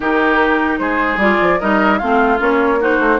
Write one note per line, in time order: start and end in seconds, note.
0.00 0.78 D#3
0.00 1.18 D#4
0.00 0.79 G4
0.00 0.78 A#4
0.78 1.17 G#3
0.78 1.60 G#4
0.78 1.18 C5
1.17 1.36 G3
1.17 1.59 F4
1.17 1.60 D5
1.41 1.61 F3
1.60 2.01 G3
1.60 2.00 D#4
1.60 1.99 A#4
1.60 1.98 D#5
1.98 2.40 A3
1.98 2.38 C4
1.98 2.79 F4
1.98 2.38 F5
2.38 2.99 A#3
2.38 2.78 C#4
2.38 2.82 C#5
2.80 3.19 D#4
2.80 3.19 F#4
2.80 3.19 C5
2.99 3.19 A3